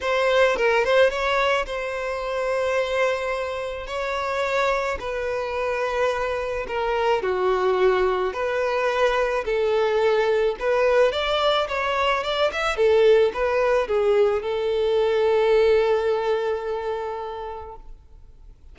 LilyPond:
\new Staff \with { instrumentName = "violin" } { \time 4/4 \tempo 4 = 108 c''4 ais'8 c''8 cis''4 c''4~ | c''2. cis''4~ | cis''4 b'2. | ais'4 fis'2 b'4~ |
b'4 a'2 b'4 | d''4 cis''4 d''8 e''8 a'4 | b'4 gis'4 a'2~ | a'1 | }